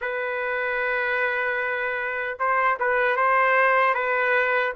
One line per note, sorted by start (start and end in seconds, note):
0.01 2.38 B4
2.39 2.78 C5
2.79 3.16 B4
3.16 3.94 C5
3.94 4.73 B4